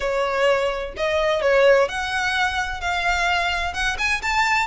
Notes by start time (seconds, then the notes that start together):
0.00 C#5
0.96 D#5
1.41 C#5
1.88 F#5
2.80 F5
3.73 F#5
3.98 G#5
4.21 A5